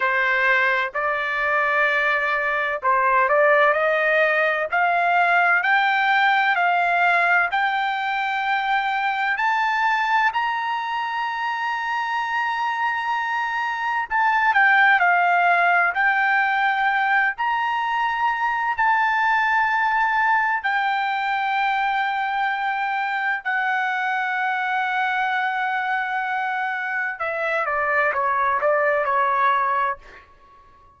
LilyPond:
\new Staff \with { instrumentName = "trumpet" } { \time 4/4 \tempo 4 = 64 c''4 d''2 c''8 d''8 | dis''4 f''4 g''4 f''4 | g''2 a''4 ais''4~ | ais''2. a''8 g''8 |
f''4 g''4. ais''4. | a''2 g''2~ | g''4 fis''2.~ | fis''4 e''8 d''8 cis''8 d''8 cis''4 | }